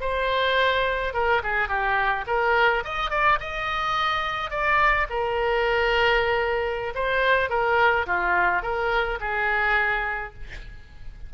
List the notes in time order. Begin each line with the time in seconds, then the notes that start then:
0.00 C5
1.13 A#4
1.43 G#4
1.68 G4
2.26 A#4
2.84 D#5
3.10 D5
3.40 D#5
4.50 D5
5.09 A#4
6.94 C5
7.49 A#4
8.06 F4
8.62 A#4
9.20 G#4